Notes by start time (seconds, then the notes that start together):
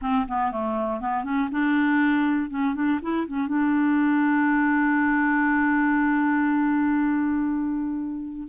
0.01 C4
0.28 B3
0.51 A3
1.00 B3
1.24 C#4
1.51 D4
2.50 C#4
2.75 D4
3.01 E4
3.27 C#4
3.47 D4